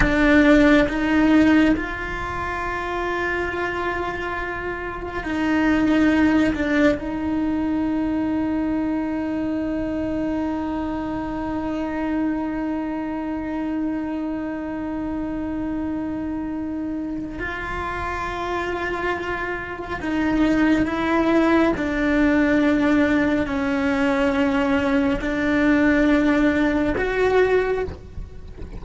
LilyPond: \new Staff \with { instrumentName = "cello" } { \time 4/4 \tempo 4 = 69 d'4 dis'4 f'2~ | f'2 dis'4. d'8 | dis'1~ | dis'1~ |
dis'1 | f'2. dis'4 | e'4 d'2 cis'4~ | cis'4 d'2 fis'4 | }